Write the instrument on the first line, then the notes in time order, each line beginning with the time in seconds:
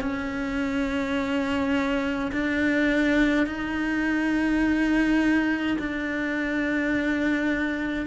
cello
0.00 C#4
2.32 D4
3.46 D#4
5.78 D4